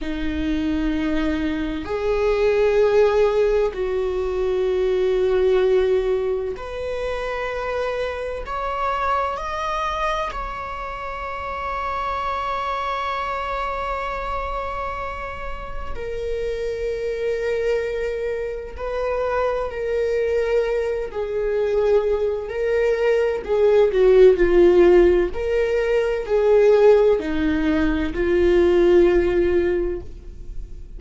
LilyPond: \new Staff \with { instrumentName = "viola" } { \time 4/4 \tempo 4 = 64 dis'2 gis'2 | fis'2. b'4~ | b'4 cis''4 dis''4 cis''4~ | cis''1~ |
cis''4 ais'2. | b'4 ais'4. gis'4. | ais'4 gis'8 fis'8 f'4 ais'4 | gis'4 dis'4 f'2 | }